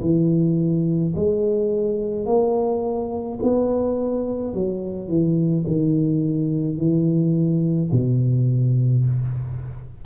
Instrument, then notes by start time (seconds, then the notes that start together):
tuba
0.00 E3
1.15 G#3
2.25 A#3
3.42 B3
4.53 F#3
5.08 E3
5.67 D#3
6.77 E3
7.91 B2